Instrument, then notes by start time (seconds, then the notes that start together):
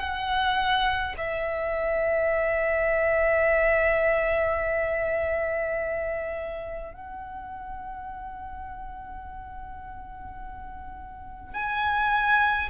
violin
0.00 F#5
1.17 E5
6.94 F#5
11.54 G#5